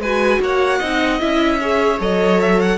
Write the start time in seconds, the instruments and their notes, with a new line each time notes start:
0.00 cello G#3, viola F#4, violin B4 G#5
0.41 cello A#3, violin C#5 F#5
0.80 cello C4, viola D#4, violin D#5
1.20 cello C#4, viola E4, violin E5
1.61 viola G#4, violin C#5
2.00 cello F#3, viola A4, violin D#5
2.41 violin E5
2.60 violin F#5